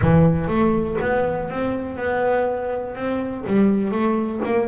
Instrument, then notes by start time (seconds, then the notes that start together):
double bass
0.01 E3
0.47 A3
1.00 B3
1.49 C4
1.96 B3
2.95 C4
3.46 G3
3.91 A3
4.44 A#3